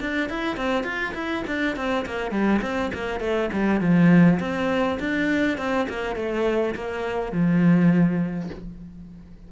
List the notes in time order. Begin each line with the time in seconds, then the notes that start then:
0.00 D4
0.29 E4
0.56 C4
0.84 F4
1.14 E4
1.47 D4
1.76 C4
2.06 A#3
2.31 G3
2.62 C4
2.94 A#3
3.20 A3
3.53 G3
3.80 F3
4.40 C4
5.00 D4
5.58 C4
5.89 A#3
6.16 A3
6.75 A#3
7.32 F3